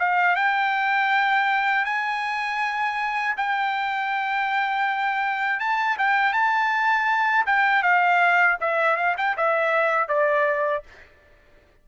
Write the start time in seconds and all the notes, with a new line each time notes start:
0.00 F5
0.36 G5
1.85 G#5
3.38 G5
5.60 A5
5.99 G5
6.33 A5
7.47 G5
7.83 F5
8.61 E5
8.97 F5
9.18 G5
9.37 E5
10.09 D5